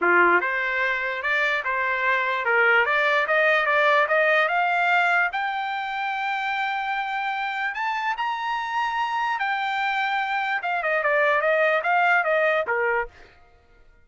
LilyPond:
\new Staff \with { instrumentName = "trumpet" } { \time 4/4 \tempo 4 = 147 f'4 c''2 d''4 | c''2 ais'4 d''4 | dis''4 d''4 dis''4 f''4~ | f''4 g''2.~ |
g''2. a''4 | ais''2. g''4~ | g''2 f''8 dis''8 d''4 | dis''4 f''4 dis''4 ais'4 | }